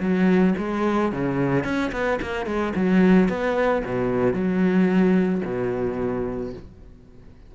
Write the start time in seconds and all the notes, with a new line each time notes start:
0.00 F#3
0.58 G#3
1.12 C#3
1.64 C#4
1.92 B3
2.22 A#3
2.46 G#3
2.76 F#3
3.29 B3
3.85 B2
4.34 F#3
5.45 B2